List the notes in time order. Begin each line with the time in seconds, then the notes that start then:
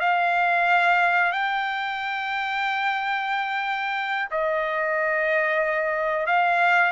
0.00 F5
1.32 G5
4.31 D#5
6.27 F5